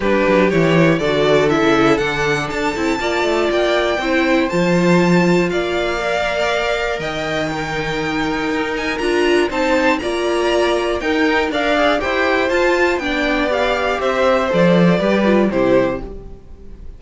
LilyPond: <<
  \new Staff \with { instrumentName = "violin" } { \time 4/4 \tempo 4 = 120 b'4 cis''4 d''4 e''4 | fis''4 a''2 g''4~ | g''4 a''2 f''4~ | f''2 g''2~ |
g''4. gis''8 ais''4 a''4 | ais''2 g''4 f''4 | g''4 a''4 g''4 f''4 | e''4 d''2 c''4 | }
  \new Staff \with { instrumentName = "violin" } { \time 4/4 g'2 a'2~ | a'2 d''2 | c''2. d''4~ | d''2 dis''4 ais'4~ |
ais'2. c''4 | d''2 ais'4 d''4 | c''2 d''2 | c''2 b'4 g'4 | }
  \new Staff \with { instrumentName = "viola" } { \time 4/4 d'4 e'4 fis'4 e'4 | d'4. e'8 f'2 | e'4 f'2. | ais'2. dis'4~ |
dis'2 f'4 dis'4 | f'2 dis'4 ais'8 gis'8 | g'4 f'4 d'4 g'4~ | g'4 a'4 g'8 f'8 e'4 | }
  \new Staff \with { instrumentName = "cello" } { \time 4/4 g8 fis8 e4 d4~ d16 cis8. | d4 d'8 c'8 ais8 a8 ais4 | c'4 f2 ais4~ | ais2 dis2~ |
dis4 dis'4 d'4 c'4 | ais2 dis'4 d'4 | e'4 f'4 b2 | c'4 f4 g4 c4 | }
>>